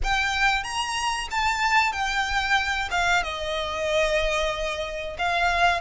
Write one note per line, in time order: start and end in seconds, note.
0.03 0.63 G5
0.63 1.28 A#5
1.30 1.92 A5
1.92 2.89 G5
2.91 3.23 F5
3.23 5.16 D#5
5.18 5.80 F5